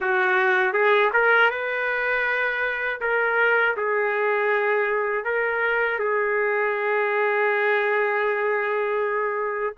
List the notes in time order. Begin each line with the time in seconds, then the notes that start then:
0.00 F#4
0.73 G#4
1.12 A#4
1.50 B4
3.00 A#4
3.76 G#4
5.24 A#4
5.99 G#4